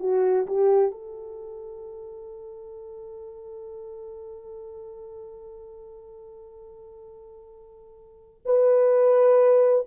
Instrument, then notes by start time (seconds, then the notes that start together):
horn
0.00 F#4
0.47 G4
0.92 A4
8.46 B4